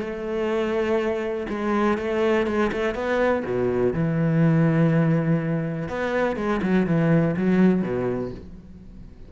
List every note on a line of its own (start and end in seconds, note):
0.00 1.46 A3
1.49 1.98 G#3
1.98 2.46 A3
2.46 2.71 G#3
2.72 2.94 A3
2.94 3.43 B3
3.45 3.93 B2
3.93 5.88 E3
5.88 6.36 B3
6.36 6.60 G#3
6.62 6.86 F#3
6.86 7.35 E3
7.36 7.82 F#3
7.82 8.31 B2